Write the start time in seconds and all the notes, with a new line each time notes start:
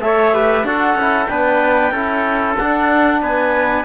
0.00 A3 A4 C#5 E5
0.33 G4 B4
0.64 D4 F#4 A4 F#5
0.94 C#4 E4
1.26 B3 D4 B4 G5
1.91 C#4 E4 A4
2.58 D4 F#5
3.22 B3 B4 G#5